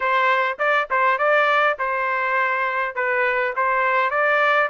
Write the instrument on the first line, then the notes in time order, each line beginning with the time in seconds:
trumpet
0.00 C5
0.59 D5
0.90 C5
1.18 D5
1.79 C5
2.95 B4
3.56 C5
4.10 D5